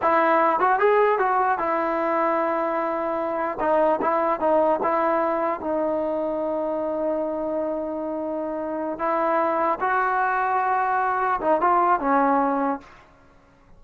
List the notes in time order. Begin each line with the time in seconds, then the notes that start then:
0.02 E4
0.59 F#4
0.79 G#4
1.18 F#4
1.58 E4
3.60 D#4
4.01 E4
4.39 D#4
4.83 E4
5.60 D#4
8.99 E4
9.80 F#4
11.41 D#4
11.60 F4
12.00 C#4